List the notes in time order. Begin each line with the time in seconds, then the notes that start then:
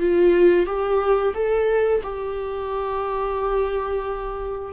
0.00 F4
0.66 G4
1.35 A4
2.03 G4